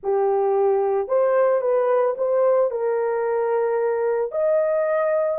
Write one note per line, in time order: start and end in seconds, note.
0.03 1.08 G4
1.08 1.61 C5
1.61 2.15 B4
2.17 2.70 C5
2.70 4.31 A#4
4.31 5.38 D#5